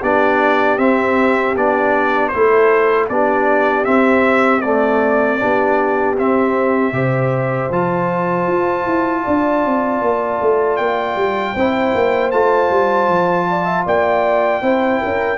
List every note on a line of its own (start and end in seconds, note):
0.00 0.78 B3
0.00 0.79 D4
0.00 2.31 G4
0.00 0.78 D5
0.78 1.55 C4
0.78 1.55 E5
1.55 2.32 B3
1.55 2.33 D4
1.55 2.28 D5
2.28 3.10 E4
2.28 3.09 A4
2.28 3.05 C5
2.35 3.09 A3
3.09 3.86 B3
3.09 3.85 D4
3.09 4.64 G4
3.09 3.84 D5
3.84 4.62 C4
3.84 5.41 C4
3.84 4.61 E5
4.61 5.40 A3
4.61 6.15 D5
4.61 5.40 D5
5.40 6.18 B3
5.40 6.17 D4
5.40 6.94 G4
6.18 6.92 C4
6.18 6.93 C4
6.18 7.72 E5
6.92 7.69 C3
6.92 7.70 G4
6.92 9.23 C5
7.70 8.47 F3
7.70 11.56 F4
7.70 10.76 A5
8.47 8.85 F4
8.86 9.24 E4
9.23 9.65 D4
9.23 11.53 D5
9.65 10.01 C4
10.01 10.40 A#3
10.41 10.79 A3
10.76 11.16 A#3
10.76 12.30 G5
11.16 11.54 G3
11.53 11.94 C4
11.53 12.33 E4
11.53 13.46 C5
11.94 12.33 A#3
12.31 12.70 A3
12.31 14.62 F4
12.31 13.85 A5
12.70 13.09 G3
13.09 13.86 F3
13.50 13.65 D5
13.65 13.84 E5
13.86 14.62 A#3
13.86 14.62 D5
13.86 15.38 G5
14.62 15.00 C4
14.62 15.38 E4
14.62 15.00 C5
15.00 15.38 C#4
15.00 15.38 A#4